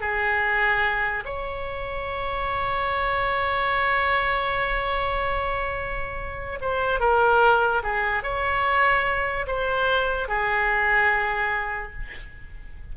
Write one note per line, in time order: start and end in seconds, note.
0.00 1.23 G#4
1.25 6.59 C#5
6.61 7.00 C5
7.00 7.82 A#4
7.83 8.23 G#4
8.23 9.46 C#5
9.47 10.28 C5
10.28 11.92 G#4